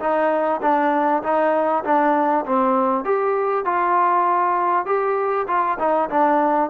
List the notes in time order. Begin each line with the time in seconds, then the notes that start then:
0.00 D#4
0.62 D4
1.23 D#4
1.84 D4
2.46 C4
3.05 G4
3.65 F4
4.86 G4
5.47 F4
5.79 D#4
6.10 D4